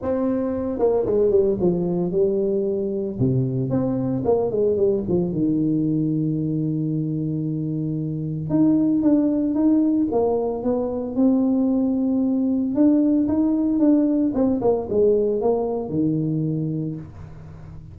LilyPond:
\new Staff \with { instrumentName = "tuba" } { \time 4/4 \tempo 4 = 113 c'4. ais8 gis8 g8 f4 | g2 c4 c'4 | ais8 gis8 g8 f8 dis2~ | dis1 |
dis'4 d'4 dis'4 ais4 | b4 c'2. | d'4 dis'4 d'4 c'8 ais8 | gis4 ais4 dis2 | }